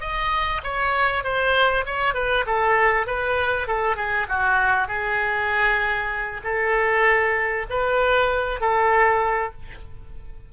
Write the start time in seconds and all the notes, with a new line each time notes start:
0.00 D#5
0.63 C#5
1.24 C5
1.85 C#5
2.14 B4
2.46 A4
3.06 B4
3.67 A4
3.96 G#4
4.28 F#4
4.88 G#4
6.44 A4
7.70 B4
8.60 A4